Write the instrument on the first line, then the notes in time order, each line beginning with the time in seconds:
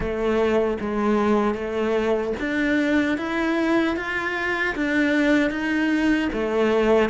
cello
0.00 A3
0.80 G#3
1.54 A3
2.39 D4
3.17 E4
3.96 F4
4.75 D4
5.50 D#4
6.32 A3